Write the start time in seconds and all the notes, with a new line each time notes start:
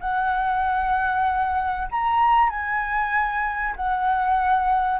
0.00 F#5
1.91 A#5
2.49 G#5
3.76 F#5